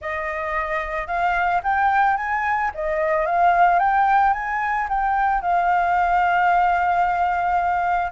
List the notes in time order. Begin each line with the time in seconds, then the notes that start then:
0.01 D#5
1.07 F5
1.63 G5
2.16 G#5
2.74 D#5
3.26 F5
3.79 G5
4.33 G#5
4.88 G5
5.41 F5